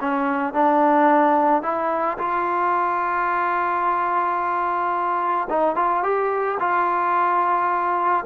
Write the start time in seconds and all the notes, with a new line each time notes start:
0.00 C#4
0.53 D4
1.62 E4
2.18 F4
5.49 D#4
5.75 F4
6.03 G4
6.59 F4